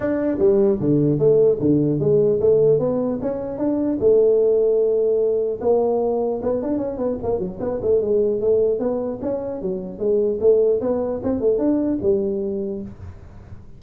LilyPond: \new Staff \with { instrumentName = "tuba" } { \time 4/4 \tempo 4 = 150 d'4 g4 d4 a4 | d4 gis4 a4 b4 | cis'4 d'4 a2~ | a2 ais2 |
b8 d'8 cis'8 b8 ais8 fis8 b8 a8 | gis4 a4 b4 cis'4 | fis4 gis4 a4 b4 | c'8 a8 d'4 g2 | }